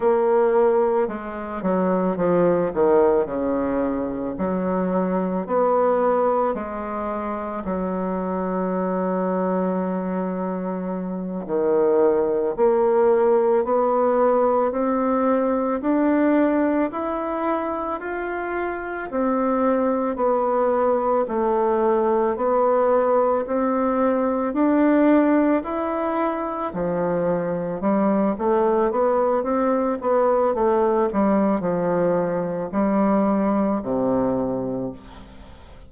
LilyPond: \new Staff \with { instrumentName = "bassoon" } { \time 4/4 \tempo 4 = 55 ais4 gis8 fis8 f8 dis8 cis4 | fis4 b4 gis4 fis4~ | fis2~ fis8 dis4 ais8~ | ais8 b4 c'4 d'4 e'8~ |
e'8 f'4 c'4 b4 a8~ | a8 b4 c'4 d'4 e'8~ | e'8 f4 g8 a8 b8 c'8 b8 | a8 g8 f4 g4 c4 | }